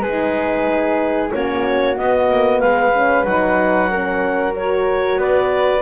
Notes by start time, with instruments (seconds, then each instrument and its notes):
0.00 double bass G#3, horn D#4, flute G#4, clarinet B4
1.31 double bass A#3, horn C#4, flute F#4, clarinet C#5
1.97 horn B3, double bass B3, clarinet D#5
2.30 double bass A#3
2.60 double bass G#3, flute B4, clarinet F5
2.94 horn C#4
3.24 double bass F#3, horn D#4, clarinet F#5
3.90 horn C#4, flute A#4
4.55 horn F#4, clarinet C#5
5.16 double bass B3, flute B4, clarinet D5